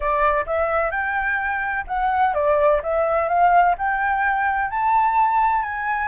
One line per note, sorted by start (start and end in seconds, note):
0.00 0.45 D5
0.46 0.91 E5
0.91 1.84 G5
1.87 2.34 F#5
2.34 2.81 D5
2.83 3.28 E5
3.28 3.75 F5
3.78 4.70 G5
4.70 5.62 A5
5.62 6.08 G#5